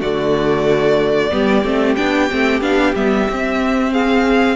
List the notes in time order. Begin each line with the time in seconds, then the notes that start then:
0.00 D3 A3 F#4 D5
1.30 G3 B3 G4
1.64 A3 C4
1.95 B3 D4 G5
2.30 A3 C4
2.61 B3 D4 F5
2.95 G3 B3 E5
3.30 C4
3.91 G#4 F5